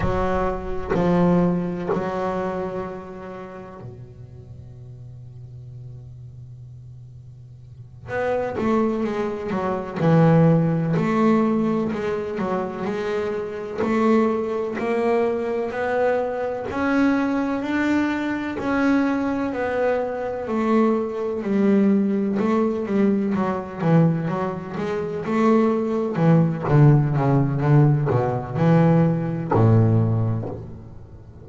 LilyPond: \new Staff \with { instrumentName = "double bass" } { \time 4/4 \tempo 4 = 63 fis4 f4 fis2 | b,1~ | b,8 b8 a8 gis8 fis8 e4 a8~ | a8 gis8 fis8 gis4 a4 ais8~ |
ais8 b4 cis'4 d'4 cis'8~ | cis'8 b4 a4 g4 a8 | g8 fis8 e8 fis8 gis8 a4 e8 | d8 cis8 d8 b,8 e4 a,4 | }